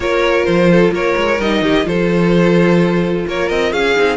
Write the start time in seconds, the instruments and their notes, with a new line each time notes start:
0.00 cello A#3, viola F4, violin A#4 C#5
0.44 cello F3, violin C5
0.70 violin A4
0.91 cello A#3, violin A#4 C#5
1.16 cello G#3
1.39 cello G3, viola D#4, violin D#5
1.61 cello D#3, violin G4
1.84 cello F3, viola F4, violin A4 C5
3.27 cello A#3, violin A#4 C#5
3.49 cello C4, violin D#5
3.72 cello C#4, violin G#4 F5
3.96 cello C4, viola D#4